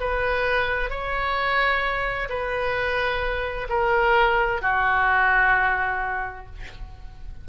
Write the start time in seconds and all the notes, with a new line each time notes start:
0.00 B4
0.90 C#5
2.29 B4
3.69 A#4
4.62 F#4